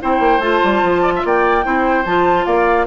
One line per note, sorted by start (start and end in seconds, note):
0.00 0.19 C4
0.00 0.41 E4
0.00 1.02 C5
0.00 0.41 G5
0.19 0.39 A#3
0.39 0.59 A3
0.39 1.63 F4
0.39 1.23 A5
0.64 0.83 G3
0.83 1.23 F3
1.02 1.12 D5
1.15 1.25 E5
1.24 1.65 A#3
1.24 1.65 D5
1.24 2.05 G5
1.63 2.05 C4
1.63 2.04 E4
1.63 2.46 C5
2.05 2.46 F3
2.05 2.86 F4
2.05 2.45 A5
2.45 2.86 A#3
2.45 2.86 D5
2.45 2.86 F5